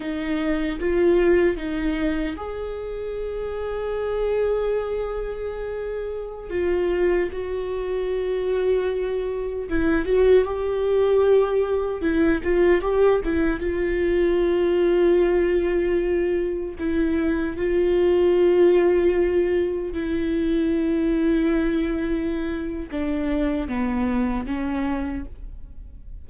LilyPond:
\new Staff \with { instrumentName = "viola" } { \time 4/4 \tempo 4 = 76 dis'4 f'4 dis'4 gis'4~ | gis'1~ | gis'16 f'4 fis'2~ fis'8.~ | fis'16 e'8 fis'8 g'2 e'8 f'16~ |
f'16 g'8 e'8 f'2~ f'8.~ | f'4~ f'16 e'4 f'4.~ f'16~ | f'4~ f'16 e'2~ e'8.~ | e'4 d'4 b4 cis'4 | }